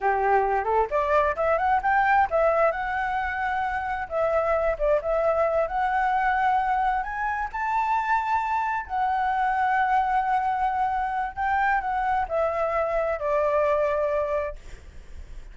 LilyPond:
\new Staff \with { instrumentName = "flute" } { \time 4/4 \tempo 4 = 132 g'4. a'8 d''4 e''8 fis''8 | g''4 e''4 fis''2~ | fis''4 e''4. d''8 e''4~ | e''8 fis''2. gis''8~ |
gis''8 a''2. fis''8~ | fis''1~ | fis''4 g''4 fis''4 e''4~ | e''4 d''2. | }